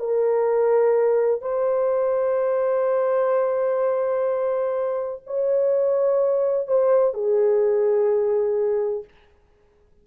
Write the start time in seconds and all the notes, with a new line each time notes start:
0.00 A#4
1.42 C5
5.27 C#5
6.68 C5
7.14 G#4